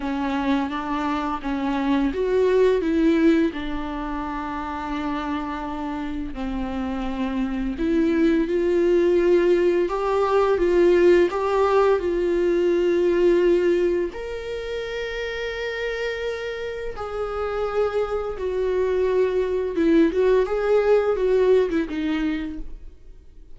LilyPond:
\new Staff \with { instrumentName = "viola" } { \time 4/4 \tempo 4 = 85 cis'4 d'4 cis'4 fis'4 | e'4 d'2.~ | d'4 c'2 e'4 | f'2 g'4 f'4 |
g'4 f'2. | ais'1 | gis'2 fis'2 | e'8 fis'8 gis'4 fis'8. e'16 dis'4 | }